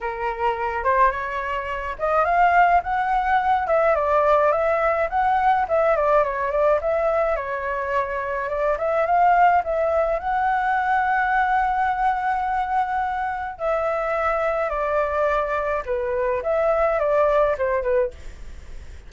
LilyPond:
\new Staff \with { instrumentName = "flute" } { \time 4/4 \tempo 4 = 106 ais'4. c''8 cis''4. dis''8 | f''4 fis''4. e''8 d''4 | e''4 fis''4 e''8 d''8 cis''8 d''8 | e''4 cis''2 d''8 e''8 |
f''4 e''4 fis''2~ | fis''1 | e''2 d''2 | b'4 e''4 d''4 c''8 b'8 | }